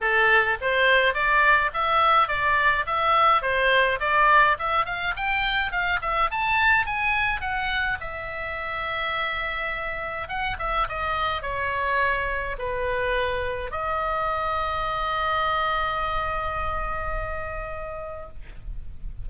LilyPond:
\new Staff \with { instrumentName = "oboe" } { \time 4/4 \tempo 4 = 105 a'4 c''4 d''4 e''4 | d''4 e''4 c''4 d''4 | e''8 f''8 g''4 f''8 e''8 a''4 | gis''4 fis''4 e''2~ |
e''2 fis''8 e''8 dis''4 | cis''2 b'2 | dis''1~ | dis''1 | }